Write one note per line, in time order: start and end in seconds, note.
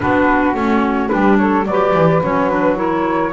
0.00 0.54 B3
0.00 0.54 D4
0.00 1.10 F#4
0.00 0.54 B4
0.54 1.09 A3
0.54 1.08 C#4
0.54 1.08 C#5
1.08 1.66 G3
1.08 1.64 D4
1.08 1.38 G4
1.08 1.36 B4
1.38 1.67 A4
1.38 1.65 C#5
1.66 1.93 F#3
1.66 2.22 G4
1.66 2.75 B4
1.66 2.21 D5
1.93 2.21 E3
2.22 3.33 F#3
2.22 2.50 C#4
2.22 2.50 C#5
2.50 2.76 D4
2.50 2.78 B4
2.75 3.32 E4
2.75 3.31 A#4
2.75 3.33 C#5